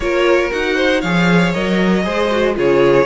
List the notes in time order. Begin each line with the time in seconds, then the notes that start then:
0.00 A#3 F4 A#4 C#5
0.50 D#4 F#4 F#5
0.75 C5
1.00 F3 G#4 C#5 F5
1.53 F#3 A#4 D#5
2.02 G#3 G#4 C5
2.31 F#4
2.54 C#3 F4 G#4 C#5